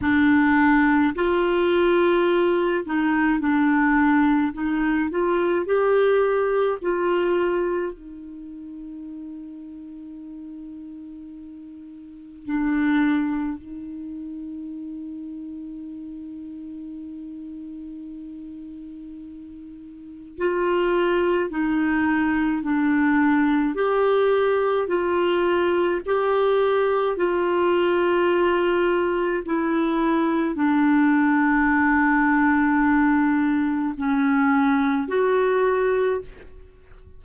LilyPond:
\new Staff \with { instrumentName = "clarinet" } { \time 4/4 \tempo 4 = 53 d'4 f'4. dis'8 d'4 | dis'8 f'8 g'4 f'4 dis'4~ | dis'2. d'4 | dis'1~ |
dis'2 f'4 dis'4 | d'4 g'4 f'4 g'4 | f'2 e'4 d'4~ | d'2 cis'4 fis'4 | }